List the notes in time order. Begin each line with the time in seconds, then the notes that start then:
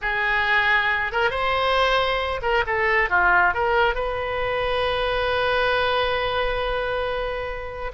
0.01 G#4
1.11 A#4
1.30 C5
2.42 A#4
2.66 A4
3.09 F4
3.53 A#4
3.94 B4